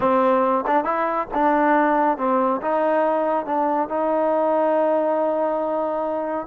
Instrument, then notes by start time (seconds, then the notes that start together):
trombone
0.00 C4
0.67 D4
0.84 E4
1.34 D4
2.17 C4
2.61 D#4
3.45 D4
3.88 D#4